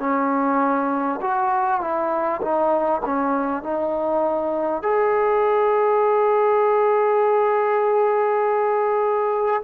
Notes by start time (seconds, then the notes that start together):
0.00 C#4
1.22 F#4
1.81 E4
2.42 D#4
3.05 C#4
3.63 D#4
4.83 G#4